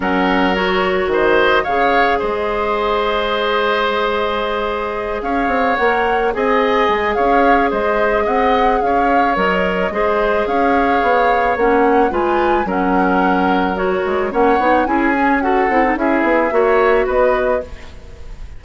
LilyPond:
<<
  \new Staff \with { instrumentName = "flute" } { \time 4/4 \tempo 4 = 109 fis''4 cis''4 dis''4 f''4 | dis''1~ | dis''4. f''4 fis''4 gis''8~ | gis''4 f''4 dis''4 fis''4 |
f''4 dis''2 f''4~ | f''4 fis''4 gis''4 fis''4~ | fis''4 cis''4 fis''4 gis''4 | fis''4 e''2 dis''4 | }
  \new Staff \with { instrumentName = "oboe" } { \time 4/4 ais'2 c''4 cis''4 | c''1~ | c''4. cis''2 dis''8~ | dis''4 cis''4 c''4 dis''4 |
cis''2 c''4 cis''4~ | cis''2 b'4 ais'4~ | ais'2 cis''4 gis'4 | a'4 gis'4 cis''4 b'4 | }
  \new Staff \with { instrumentName = "clarinet" } { \time 4/4 cis'4 fis'2 gis'4~ | gis'1~ | gis'2~ gis'8 ais'4 gis'8~ | gis'1~ |
gis'4 ais'4 gis'2~ | gis'4 cis'4 f'4 cis'4~ | cis'4 fis'4 cis'8 dis'8 e'8 cis'8 | fis'8 e'16 dis'16 e'4 fis'2 | }
  \new Staff \with { instrumentName = "bassoon" } { \time 4/4 fis2 dis4 cis4 | gis1~ | gis4. cis'8 c'8 ais4 c'8~ | c'8 gis8 cis'4 gis4 c'4 |
cis'4 fis4 gis4 cis'4 | b4 ais4 gis4 fis4~ | fis4. gis8 ais8 b8 cis'4~ | cis'8 c'8 cis'8 b8 ais4 b4 | }
>>